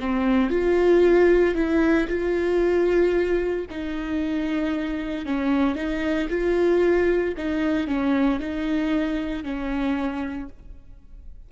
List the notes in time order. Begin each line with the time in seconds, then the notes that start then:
0.00 C4
0.50 F4
1.55 E4
2.08 F4
3.70 D#4
5.25 C#4
5.75 D#4
6.29 F4
7.37 D#4
7.87 C#4
8.39 D#4
9.44 C#4